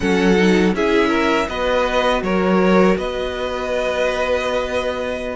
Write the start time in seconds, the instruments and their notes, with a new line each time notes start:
0.00 cello F#3, viola C#4, violin A4 F#5
0.37 viola D#4
0.73 cello C#4, viola E4, violin G#4 E5
1.09 violin A#4
1.48 cello B3, viola F#4, violin B4 D#5
2.22 cello F#3, violin A#4 C#5
2.97 cello B3, violin B4 D#5